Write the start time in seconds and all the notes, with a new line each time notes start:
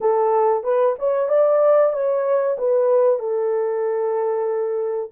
0.01 A4
0.63 B4
0.98 C#5
1.29 D5
1.92 C#5
2.58 B4
3.19 A4